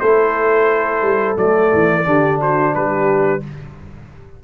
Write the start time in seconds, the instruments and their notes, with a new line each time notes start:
0.00 tuba A3, trombone E4, horn A4, trumpet C5
1.02 tuba G3
1.37 tuba F#3, trombone A3, trumpet D5
1.73 tuba E3
2.04 tuba D3, trombone D4, horn G4
2.40 horn F#4, trumpet C5
2.74 tuba G3, horn G4, trumpet B4